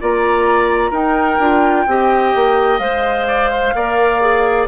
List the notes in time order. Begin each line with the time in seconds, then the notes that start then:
0.00 A#3 F4 D5 A#5
0.90 D#4 A#4 G5
1.39 D4 F4
1.86 C4 G4 D#5
2.35 A#3
2.78 G#3 C5 F5
3.27 D5
3.50 C5
3.75 A#3 A#4 D5
4.21 G#4